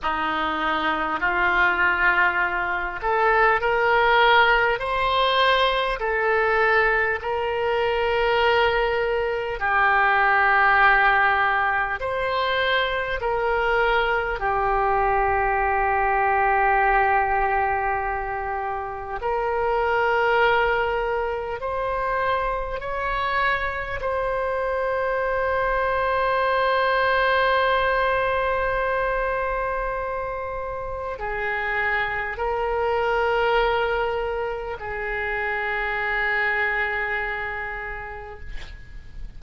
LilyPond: \new Staff \with { instrumentName = "oboe" } { \time 4/4 \tempo 4 = 50 dis'4 f'4. a'8 ais'4 | c''4 a'4 ais'2 | g'2 c''4 ais'4 | g'1 |
ais'2 c''4 cis''4 | c''1~ | c''2 gis'4 ais'4~ | ais'4 gis'2. | }